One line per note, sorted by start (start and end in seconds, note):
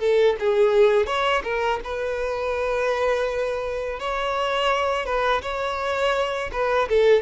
0.00 0.36 A4
0.40 1.06 G#4
1.06 1.43 C#5
1.44 1.80 A#4
1.84 4.00 B4
4.00 5.06 C#5
5.06 5.42 B4
5.42 6.51 C#5
6.53 6.89 B4
6.89 7.23 A4